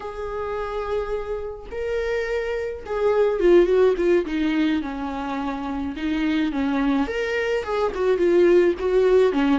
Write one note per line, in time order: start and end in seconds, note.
0.00 1.66 G#4
1.71 2.84 A#4
2.86 3.40 G#4
3.40 3.66 F4
3.66 3.94 F#4
3.97 4.25 F4
4.25 4.82 D#4
4.82 5.95 C#4
5.96 6.51 D#4
6.51 7.07 C#4
7.07 7.63 A#4
7.63 7.91 G#4
7.94 8.17 F#4
8.17 8.74 F4
8.79 9.32 F#4
9.32 9.59 C#4